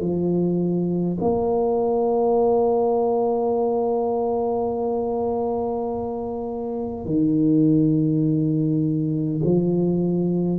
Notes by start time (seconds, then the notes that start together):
0.00 F3
1.21 A#3
7.05 D#3
9.44 F3